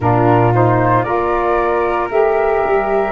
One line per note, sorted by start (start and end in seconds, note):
0.00 1.04 A#2
0.00 0.53 D4
0.00 1.04 F4
0.00 0.53 A#4
0.53 1.04 D#4
0.53 1.03 C5
1.03 2.10 A#3
1.03 2.10 F4
1.03 3.12 A#4
1.03 2.08 D5
2.10 2.63 A3
2.10 3.12 G4
2.10 3.12 E5
2.64 3.12 G3